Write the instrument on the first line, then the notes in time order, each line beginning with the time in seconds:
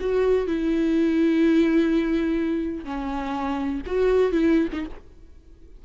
viola
0.00 F#4
0.46 E4
2.84 C#4
3.86 F#4
4.32 E4
4.72 D#4